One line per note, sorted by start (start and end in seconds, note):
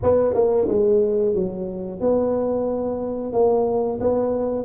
0.02 0.34 B3
0.34 0.67 A#3
0.68 1.35 G#3
1.35 2.00 F#3
2.00 3.32 B3
3.32 3.99 A#3
4.00 4.65 B3